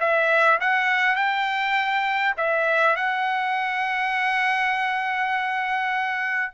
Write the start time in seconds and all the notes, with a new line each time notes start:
0.00 E5
0.60 F#5
1.16 G5
2.37 E5
2.96 F#5